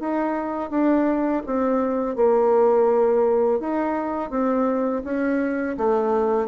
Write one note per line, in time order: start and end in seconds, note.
0.00 0.70 D#4
0.70 1.43 D4
1.46 2.16 C4
2.16 3.60 A#3
3.60 4.30 D#4
4.30 5.02 C4
5.04 5.77 C#4
5.78 6.48 A3